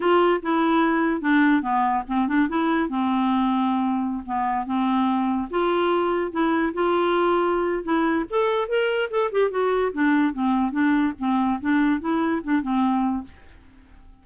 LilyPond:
\new Staff \with { instrumentName = "clarinet" } { \time 4/4 \tempo 4 = 145 f'4 e'2 d'4 | b4 c'8 d'8 e'4 c'4~ | c'2~ c'16 b4 c'8.~ | c'4~ c'16 f'2 e'8.~ |
e'16 f'2~ f'8. e'4 | a'4 ais'4 a'8 g'8 fis'4 | d'4 c'4 d'4 c'4 | d'4 e'4 d'8 c'4. | }